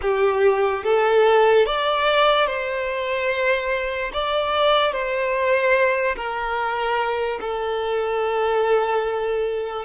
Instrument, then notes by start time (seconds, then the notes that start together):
violin
0.01 G4
0.84 A4
1.66 D5
2.47 C5
4.13 D5
4.92 C5
6.15 A#4
7.40 A4